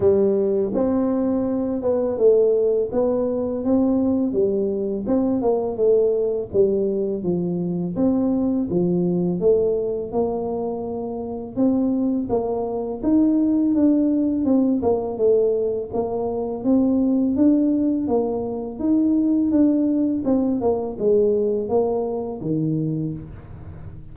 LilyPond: \new Staff \with { instrumentName = "tuba" } { \time 4/4 \tempo 4 = 83 g4 c'4. b8 a4 | b4 c'4 g4 c'8 ais8 | a4 g4 f4 c'4 | f4 a4 ais2 |
c'4 ais4 dis'4 d'4 | c'8 ais8 a4 ais4 c'4 | d'4 ais4 dis'4 d'4 | c'8 ais8 gis4 ais4 dis4 | }